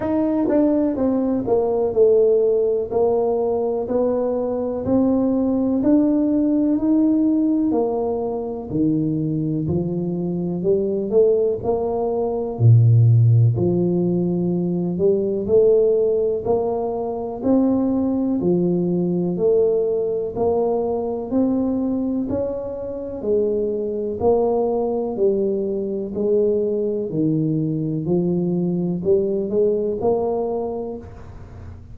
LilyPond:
\new Staff \with { instrumentName = "tuba" } { \time 4/4 \tempo 4 = 62 dis'8 d'8 c'8 ais8 a4 ais4 | b4 c'4 d'4 dis'4 | ais4 dis4 f4 g8 a8 | ais4 ais,4 f4. g8 |
a4 ais4 c'4 f4 | a4 ais4 c'4 cis'4 | gis4 ais4 g4 gis4 | dis4 f4 g8 gis8 ais4 | }